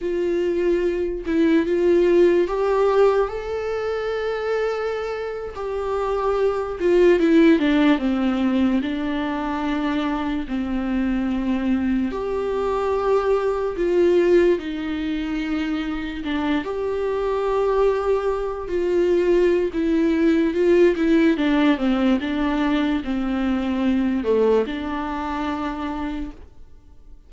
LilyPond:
\new Staff \with { instrumentName = "viola" } { \time 4/4 \tempo 4 = 73 f'4. e'8 f'4 g'4 | a'2~ a'8. g'4~ g'16~ | g'16 f'8 e'8 d'8 c'4 d'4~ d'16~ | d'8. c'2 g'4~ g'16~ |
g'8. f'4 dis'2 d'16~ | d'16 g'2~ g'8 f'4~ f'16 | e'4 f'8 e'8 d'8 c'8 d'4 | c'4. a8 d'2 | }